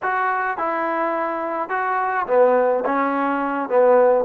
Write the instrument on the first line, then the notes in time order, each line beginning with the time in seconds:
trombone
0.02 F#4
0.57 E4
1.69 F#4
2.26 B3
2.85 C#4
3.69 B3